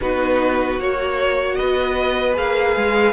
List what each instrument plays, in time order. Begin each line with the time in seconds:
0.00 cello B3, viola D#4, violin F#4 B4
0.78 cello A#3, viola F#4, violin C#5
1.55 cello B3, violin B4 D#5
2.33 cello A#3, viola G#4, violin F5
2.76 cello G#3